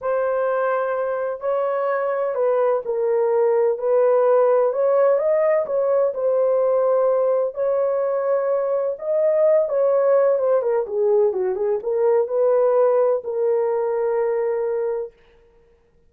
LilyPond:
\new Staff \with { instrumentName = "horn" } { \time 4/4 \tempo 4 = 127 c''2. cis''4~ | cis''4 b'4 ais'2 | b'2 cis''4 dis''4 | cis''4 c''2. |
cis''2. dis''4~ | dis''8 cis''4. c''8 ais'8 gis'4 | fis'8 gis'8 ais'4 b'2 | ais'1 | }